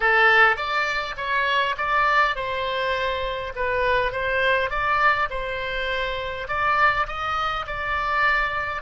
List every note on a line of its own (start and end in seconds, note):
0.00 0.56 A4
0.56 1.15 D5
1.17 1.75 C#5
1.77 2.35 D5
2.35 3.53 C5
3.55 4.12 B4
4.12 4.70 C5
4.70 5.28 D5
5.30 6.47 C5
6.48 7.06 D5
7.07 7.66 D#5
7.66 8.82 D5